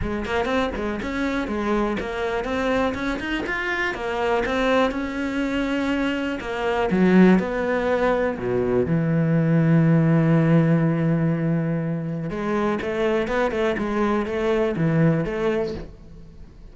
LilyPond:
\new Staff \with { instrumentName = "cello" } { \time 4/4 \tempo 4 = 122 gis8 ais8 c'8 gis8 cis'4 gis4 | ais4 c'4 cis'8 dis'8 f'4 | ais4 c'4 cis'2~ | cis'4 ais4 fis4 b4~ |
b4 b,4 e2~ | e1~ | e4 gis4 a4 b8 a8 | gis4 a4 e4 a4 | }